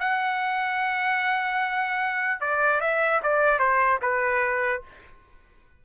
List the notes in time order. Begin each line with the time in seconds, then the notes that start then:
0.00 F#5
2.41 D5
2.81 E5
3.23 D5
3.59 C5
4.02 B4